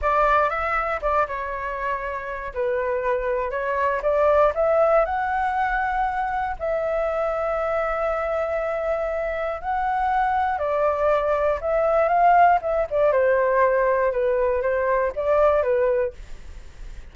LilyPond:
\new Staff \with { instrumentName = "flute" } { \time 4/4 \tempo 4 = 119 d''4 e''4 d''8 cis''4.~ | cis''4 b'2 cis''4 | d''4 e''4 fis''2~ | fis''4 e''2.~ |
e''2. fis''4~ | fis''4 d''2 e''4 | f''4 e''8 d''8 c''2 | b'4 c''4 d''4 b'4 | }